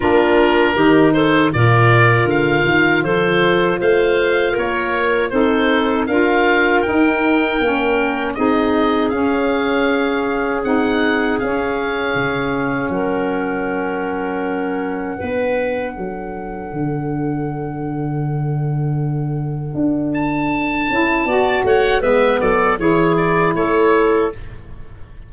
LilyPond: <<
  \new Staff \with { instrumentName = "oboe" } { \time 4/4 \tempo 4 = 79 ais'4. c''8 d''4 f''4 | c''4 f''4 cis''4 c''4 | f''4 g''2 dis''4 | f''2 fis''4 f''4~ |
f''4 fis''2.~ | fis''1~ | fis''2~ fis''8 a''4.~ | a''8 fis''8 e''8 d''8 cis''8 d''8 cis''4 | }
  \new Staff \with { instrumentName = "clarinet" } { \time 4/4 f'4 g'8 a'8 ais'2 | a'4 c''4 ais'4 a'4 | ais'2. gis'4~ | gis'1~ |
gis'4 ais'2. | b'4 a'2.~ | a'1 | d''8 cis''8 b'8 a'8 gis'4 a'4 | }
  \new Staff \with { instrumentName = "saxophone" } { \time 4/4 d'4 dis'4 f'2~ | f'2. dis'4 | f'4 dis'4 cis'4 dis'4 | cis'2 dis'4 cis'4~ |
cis'1 | d'1~ | d'2.~ d'8 e'8 | fis'4 b4 e'2 | }
  \new Staff \with { instrumentName = "tuba" } { \time 4/4 ais4 dis4 ais,4 d8 dis8 | f4 a4 ais4 c'4 | d'4 dis'4 ais4 c'4 | cis'2 c'4 cis'4 |
cis4 fis2. | b4 fis4 d2~ | d2 d'4. cis'8 | b8 a8 gis8 fis8 e4 a4 | }
>>